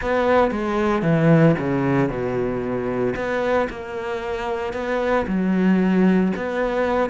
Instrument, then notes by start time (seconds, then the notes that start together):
cello
0.01 B3
0.51 G#3
1.02 E3
1.58 C#3
2.09 B2
3.15 B3
3.69 A#3
4.73 B3
5.27 F#3
6.36 B3